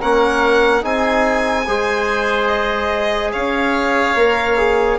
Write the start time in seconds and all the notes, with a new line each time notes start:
0.00 A#3 C#4 A#4 F#5
0.82 C4 D#4 G#4 G#5
1.67 G#3 G#4 C5
2.48 D#5
3.33 C#4 C#5 F5
4.15 A#3 A#4
4.58 G#4